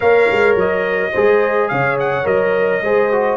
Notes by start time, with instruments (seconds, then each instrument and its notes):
0.00 tuba A#3, trombone A#4, horn C#5, trumpet F5
0.31 tuba G#3
0.55 tuba F#3, trumpet D#5
1.12 tuba G#3, trombone G#4, horn C5
1.68 tuba C#3, horn C#5, trumpet F5
1.99 trumpet F#5
2.23 tuba F#3, trombone A#4, trumpet D#5
2.81 tuba G#3, trombone G#4, horn C5
3.11 trombone F#4